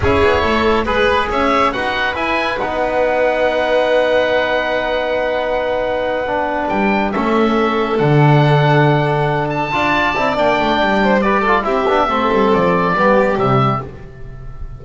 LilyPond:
<<
  \new Staff \with { instrumentName = "oboe" } { \time 4/4 \tempo 4 = 139 cis''2 b'4 e''4 | fis''4 gis''4 fis''2~ | fis''1~ | fis''2.~ fis''8 g''8~ |
g''8 e''2 fis''4.~ | fis''2 a''2 | g''2 d''4 e''4~ | e''4 d''2 e''4 | }
  \new Staff \with { instrumentName = "violin" } { \time 4/4 gis'4 a'4 b'4 cis''4 | b'1~ | b'1~ | b'1~ |
b'8 a'2.~ a'8~ | a'2~ a'8 d''4.~ | d''4. c''8 b'8 a'8 g'4 | a'2 g'2 | }
  \new Staff \with { instrumentName = "trombone" } { \time 4/4 e'2 gis'2 | fis'4 e'4 dis'2~ | dis'1~ | dis'2~ dis'8 d'4.~ |
d'8 cis'2 d'4.~ | d'2~ d'8 f'4 e'8 | d'2 g'8 f'8 e'8 d'8 | c'2 b4 g4 | }
  \new Staff \with { instrumentName = "double bass" } { \time 4/4 cis'8 b8 a4 gis4 cis'4 | dis'4 e'4 b2~ | b1~ | b2.~ b8 g8~ |
g8 a2 d4.~ | d2~ d8 d'4 c'8 | ais8 a8 g2 c'8 b8 | a8 g8 f4 g4 c4 | }
>>